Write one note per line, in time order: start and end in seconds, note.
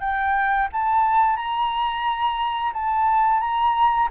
0.00 0.68 G5
0.72 1.36 A5
1.36 2.72 A#5
2.73 3.40 A5
3.40 4.08 A#5